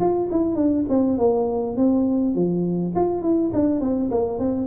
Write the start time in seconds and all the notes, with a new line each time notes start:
0.00 F4
0.31 E4
0.55 D4
0.89 C4
1.18 A#3
1.76 C4
2.35 F3
2.95 F4
3.21 E4
3.53 D4
3.80 C4
4.11 A#3
4.39 C4